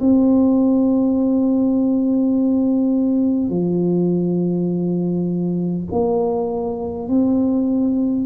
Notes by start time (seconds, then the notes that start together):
0.00 C4
3.49 F3
5.91 A#3
7.07 C4